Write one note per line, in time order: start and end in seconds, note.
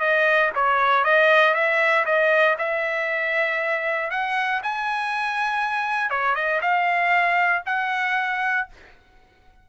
0.00 0.51 D#5
0.55 1.04 C#5
1.04 1.54 D#5
1.54 2.05 E5
2.05 2.56 D#5
2.58 4.11 E5
4.11 4.62 F#5
4.63 6.10 G#5
6.10 6.35 C#5
6.35 6.61 D#5
6.61 7.63 F5
7.66 8.68 F#5